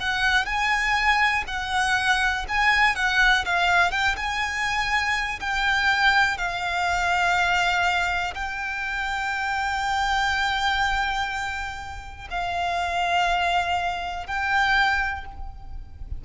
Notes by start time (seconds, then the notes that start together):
0.00 F#5
0.46 G#5
1.48 F#5
2.49 G#5
2.96 F#5
3.45 F5
3.91 G5
4.17 G#5
5.40 G5
6.38 F5
8.35 G5
12.31 F5
14.27 G5